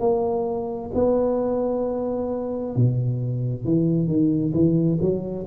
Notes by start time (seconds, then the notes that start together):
0.00 A#3
0.94 B3
2.76 B2
3.65 E3
4.07 D#3
4.53 E3
5.01 F#3